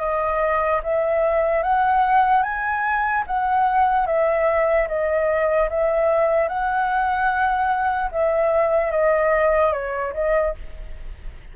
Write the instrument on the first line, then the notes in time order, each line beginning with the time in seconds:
flute
0.00 D#5
0.84 E5
1.63 F#5
2.43 G#5
3.27 F#5
4.07 E5
4.88 D#5
5.70 E5
6.49 F#5
8.12 E5
8.92 D#5
9.73 C#5
10.14 D#5